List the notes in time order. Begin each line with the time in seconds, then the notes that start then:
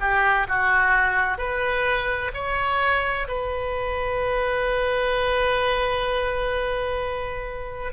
0.00 G4
0.48 F#4
1.38 B4
2.34 C#5
3.27 B4